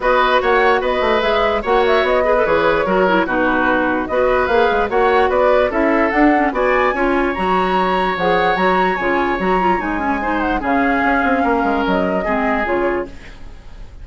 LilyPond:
<<
  \new Staff \with { instrumentName = "flute" } { \time 4/4 \tempo 4 = 147 dis''4 fis''4 dis''4 e''4 | fis''8 e''8 dis''4 cis''2 | b'2 dis''4 f''4 | fis''4 d''4 e''4 fis''4 |
gis''2 ais''2 | fis''4 ais''4 gis''4 ais''4 | gis''4. fis''8 f''2~ | f''4 dis''2 cis''4 | }
  \new Staff \with { instrumentName = "oboe" } { \time 4/4 b'4 cis''4 b'2 | cis''4. b'4. ais'4 | fis'2 b'2 | cis''4 b'4 a'2 |
d''4 cis''2.~ | cis''1~ | cis''4 c''4 gis'2 | ais'2 gis'2 | }
  \new Staff \with { instrumentName = "clarinet" } { \time 4/4 fis'2. gis'4 | fis'4. gis'16 a'16 gis'4 fis'8 e'8 | dis'2 fis'4 gis'4 | fis'2 e'4 d'8 cis'8 |
fis'4 f'4 fis'2 | gis'4 fis'4 f'4 fis'8 f'8 | dis'8 cis'8 dis'4 cis'2~ | cis'2 c'4 f'4 | }
  \new Staff \with { instrumentName = "bassoon" } { \time 4/4 b4 ais4 b8 a8 gis4 | ais4 b4 e4 fis4 | b,2 b4 ais8 gis8 | ais4 b4 cis'4 d'4 |
b4 cis'4 fis2 | f4 fis4 cis4 fis4 | gis2 cis4 cis'8 c'8 | ais8 gis8 fis4 gis4 cis4 | }
>>